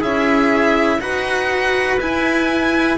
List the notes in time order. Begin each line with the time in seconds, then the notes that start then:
0.00 C#4 E4 G#4 E5
1.01 D#4 F#4 B4 F#5
2.00 E4 G#5